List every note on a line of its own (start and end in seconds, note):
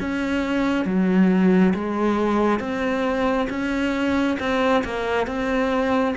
0.00 0.85 C#4
0.85 1.74 F#3
1.74 2.59 G#3
2.59 3.48 C4
3.50 4.38 C#4
4.40 4.84 C4
4.85 5.27 A#3
5.27 6.15 C4